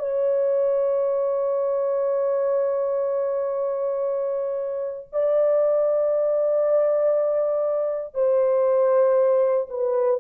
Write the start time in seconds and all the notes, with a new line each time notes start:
0.00 C#5
5.13 D5
8.15 C5
9.70 B4